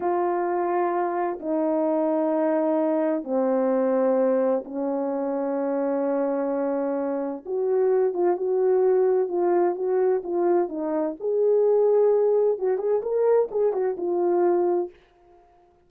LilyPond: \new Staff \with { instrumentName = "horn" } { \time 4/4 \tempo 4 = 129 f'2. dis'4~ | dis'2. c'4~ | c'2 cis'2~ | cis'1 |
fis'4. f'8 fis'2 | f'4 fis'4 f'4 dis'4 | gis'2. fis'8 gis'8 | ais'4 gis'8 fis'8 f'2 | }